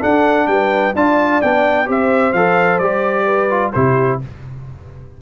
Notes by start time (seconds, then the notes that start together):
0.00 D4 A4 F#5
0.47 G3 B4 G5
0.95 D4 F4 D5 A5
1.41 B3 D4 G5
1.86 C4 G4 C5 E5
2.33 F3 A4 F5
2.79 G3 G4 D5
3.25 B4
3.50 F4
3.73 C3 E4 G4 C5